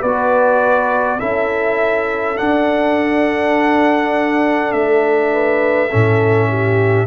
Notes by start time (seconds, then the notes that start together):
0.00 B3 F#4 B4 D5
1.19 C#4 E4 A4 E5
2.37 D4 F#5
4.72 A3 E5
5.33 B4
5.89 A2 C#4 A4
6.49 G4